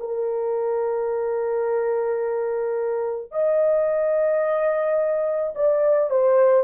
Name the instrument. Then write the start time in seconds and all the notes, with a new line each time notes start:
horn
0.00 A#4
3.32 D#5
5.56 D5
6.11 C5